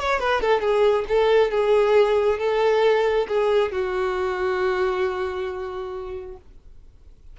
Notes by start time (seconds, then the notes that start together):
0.00 C#5
0.20 B4
0.41 A4
0.61 G#4
1.08 A4
1.51 G#4
2.39 A4
3.28 G#4
3.72 F#4